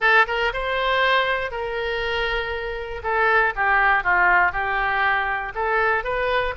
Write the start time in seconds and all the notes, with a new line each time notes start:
0.00 A4
0.27 A#4
0.53 C5
1.51 A#4
3.03 A4
3.55 G4
4.03 F4
4.51 G4
5.54 A4
6.04 B4